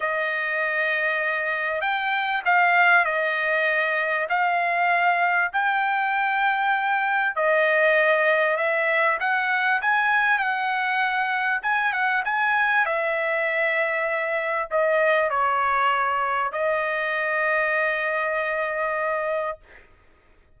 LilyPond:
\new Staff \with { instrumentName = "trumpet" } { \time 4/4 \tempo 4 = 98 dis''2. g''4 | f''4 dis''2 f''4~ | f''4 g''2. | dis''2 e''4 fis''4 |
gis''4 fis''2 gis''8 fis''8 | gis''4 e''2. | dis''4 cis''2 dis''4~ | dis''1 | }